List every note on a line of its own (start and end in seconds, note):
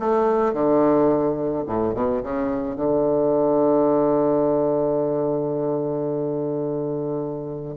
0.00 0.54 A3
0.54 1.65 D3
1.67 1.95 A2
1.95 2.22 B2
2.23 2.77 C#3
2.77 7.77 D3